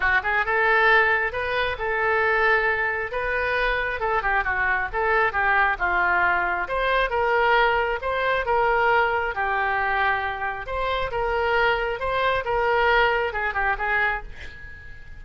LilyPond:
\new Staff \with { instrumentName = "oboe" } { \time 4/4 \tempo 4 = 135 fis'8 gis'8 a'2 b'4 | a'2. b'4~ | b'4 a'8 g'8 fis'4 a'4 | g'4 f'2 c''4 |
ais'2 c''4 ais'4~ | ais'4 g'2. | c''4 ais'2 c''4 | ais'2 gis'8 g'8 gis'4 | }